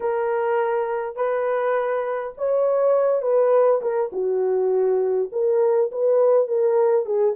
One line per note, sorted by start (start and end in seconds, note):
0.00 1.16 A#4
1.16 2.33 B4
2.37 3.21 C#5
3.21 3.80 B4
3.81 4.10 A#4
4.12 5.29 F#4
5.32 5.90 A#4
5.91 6.47 B4
6.47 7.05 A#4
7.05 7.34 G#4